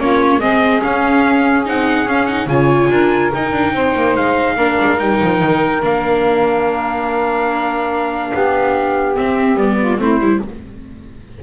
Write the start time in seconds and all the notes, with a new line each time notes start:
0.00 A#3 C#4 F4 C#5
0.40 G#3 C4 G#4 D#5
0.81 C#4 F5
1.66 C4 D#4 F#5
2.06 C#4 F5
2.26 D#4 F#5
2.47 C#3 F4 C#5 G#5
2.90 D4 A#4
3.34 D#4 G5
3.53 D4
3.73 C4 C5
3.96 A#3
4.16 G#3 F5
4.56 A#3 D4 A#4
4.80 G#3
4.98 G3 D#4 G5
5.22 F3
5.43 D#3
5.82 A#3 D4 F5
8.31 B3 G4
9.16 C4 E5
9.55 G3 B3 D5
9.79 F4
9.99 A3 C4 E4 C5
10.20 G3 E4